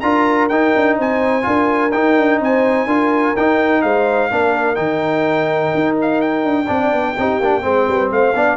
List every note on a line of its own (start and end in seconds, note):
0.00 0.50 D4
0.00 0.50 F4
0.00 0.98 A#4
0.00 0.48 A#5
0.48 0.74 D#4
0.48 1.42 D#4
0.48 0.96 G5
0.76 0.99 D4
0.98 1.46 C4
0.98 1.46 C5
0.98 1.91 G#5
1.42 1.93 D4
1.42 1.90 F4
1.42 2.41 A#4
1.91 2.16 D#4
1.91 2.88 D#4
1.91 2.39 G5
2.16 2.40 D4
2.40 2.86 C4
2.40 2.86 C5
2.40 3.36 G#5
2.86 3.33 D4
2.86 3.35 F4
2.86 3.82 A#4
3.36 4.31 D#4
3.36 3.83 D#4
3.36 3.81 G5
3.81 4.30 G#3
3.81 4.31 C5
3.81 4.75 F5
4.31 4.78 A#3
4.31 4.75 D4
4.31 6.66 A#4
4.75 5.73 D#3
4.75 6.66 D#4
4.75 5.94 G5
5.74 6.44 D#4
6.01 6.21 F5
6.21 8.11 G5
6.44 6.68 D4
6.66 6.92 C4
6.66 7.15 D4
6.66 7.13 D5
6.92 7.16 B3
7.18 7.39 C4
7.18 7.42 D#4
7.18 7.63 G4
7.39 7.63 A#3
7.39 7.62 D4
7.62 7.87 G#3
7.62 8.33 C4
7.62 7.87 C5
7.88 8.11 G3
7.88 8.11 B4
8.11 8.35 A3
8.11 8.36 C5
8.11 8.57 F5
8.35 8.57 B3
8.35 8.57 D4
8.35 8.57 D5